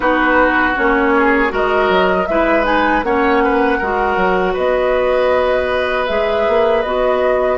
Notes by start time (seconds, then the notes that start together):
0.00 B3 D#4 F#4 B4
0.75 A#3 C#4 C#5
1.16 G#4
1.48 G#3 F#4 A#4 D#5
1.89 F#3
2.26 G#3 E4 B4 E5
2.63 D#4 G#5
3.03 A#3 C#4 C#5 F#5
3.43 B4
3.78 G#3 F#4 A#4
4.16 F#3
4.53 B3 B4 D#5
6.06 G#3 G#4 E5
6.47 A#3
6.82 B3 F#4 D#5